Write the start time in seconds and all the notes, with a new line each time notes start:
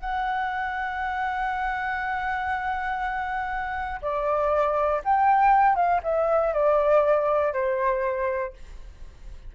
0.00 F#5
4.02 D5
5.04 G5
5.75 F5
6.03 E5
6.53 D5
7.53 C5